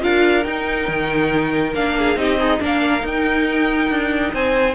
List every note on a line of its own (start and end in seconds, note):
0.00 0.45 D4
0.00 0.43 F4
0.00 1.97 A#4
0.00 0.44 F5
0.44 0.88 D#4
0.44 1.75 D#4
0.44 1.73 G5
0.88 1.74 D#3
1.74 2.15 A#3
1.74 2.16 D4
1.74 2.18 F5
1.97 2.19 G#4
2.15 2.59 C4
2.15 2.37 D#4
2.15 2.38 G4
2.15 2.61 D#5
2.38 2.60 D#4
2.38 2.59 G#4
2.59 3.04 A#3
2.59 3.00 D4
2.59 4.33 A#4
2.59 3.06 F5
3.00 4.73 D#4
3.00 3.89 D#4
3.06 4.34 G5
3.89 4.32 D4
4.33 4.74 C4
4.33 4.74 C5
4.33 4.74 G#5